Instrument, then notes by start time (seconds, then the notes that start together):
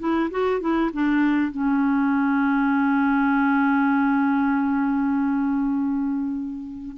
clarinet
0.00 E4
0.31 F#4
0.61 E4
0.93 D4
1.52 C#4